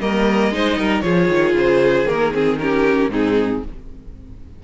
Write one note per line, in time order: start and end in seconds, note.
0.00 0.51 G3
0.00 0.52 A#3
0.00 0.53 A#4
0.00 1.01 D#5
0.51 0.77 G#3
0.51 1.03 D#4
0.51 0.78 C5
0.77 1.03 G3
0.77 1.04 A#4
1.01 1.29 F3
1.01 2.06 F4
1.01 2.59 G#4
1.01 1.53 C#5
1.29 1.54 D#3
1.54 2.06 C#3
1.54 2.08 C5
2.06 3.08 D#3
2.06 2.32 A#3
2.06 2.34 A#4
2.33 2.59 C4
2.33 2.59 G#4
2.59 3.11 C#4
2.59 3.11 G4
2.59 3.10 A#4
3.08 3.59 G#2
3.08 3.63 C4
3.08 3.63 D#4
3.08 3.64 G#4